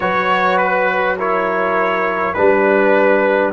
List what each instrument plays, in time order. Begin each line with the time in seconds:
0.00 tuba F#3, trombone F#4, horn B4, trumpet C#5
0.57 trumpet B4
1.17 trombone E4, horn A#4, trumpet C#5
2.33 tuba G3, trombone D4, trumpet B4, horn B4